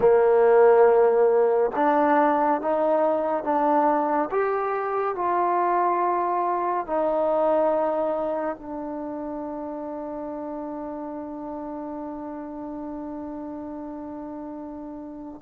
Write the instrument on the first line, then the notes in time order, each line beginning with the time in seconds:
trombone
0.00 A#3
1.75 D4
2.61 D#4
3.43 D4
4.31 G4
5.15 F4
6.86 D#4
8.56 D4